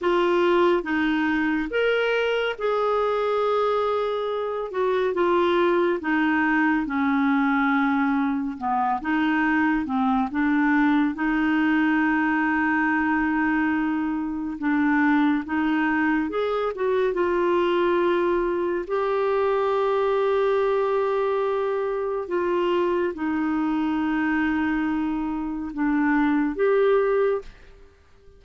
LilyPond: \new Staff \with { instrumentName = "clarinet" } { \time 4/4 \tempo 4 = 70 f'4 dis'4 ais'4 gis'4~ | gis'4. fis'8 f'4 dis'4 | cis'2 b8 dis'4 c'8 | d'4 dis'2.~ |
dis'4 d'4 dis'4 gis'8 fis'8 | f'2 g'2~ | g'2 f'4 dis'4~ | dis'2 d'4 g'4 | }